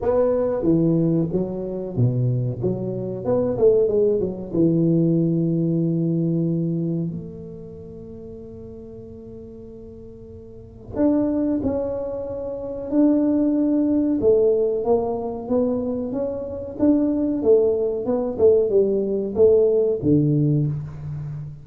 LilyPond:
\new Staff \with { instrumentName = "tuba" } { \time 4/4 \tempo 4 = 93 b4 e4 fis4 b,4 | fis4 b8 a8 gis8 fis8 e4~ | e2. a4~ | a1~ |
a4 d'4 cis'2 | d'2 a4 ais4 | b4 cis'4 d'4 a4 | b8 a8 g4 a4 d4 | }